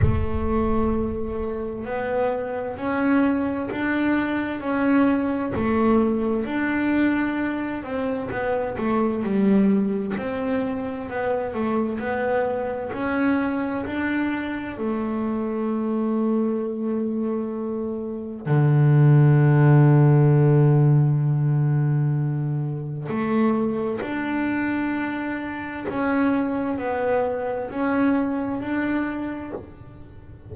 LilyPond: \new Staff \with { instrumentName = "double bass" } { \time 4/4 \tempo 4 = 65 a2 b4 cis'4 | d'4 cis'4 a4 d'4~ | d'8 c'8 b8 a8 g4 c'4 | b8 a8 b4 cis'4 d'4 |
a1 | d1~ | d4 a4 d'2 | cis'4 b4 cis'4 d'4 | }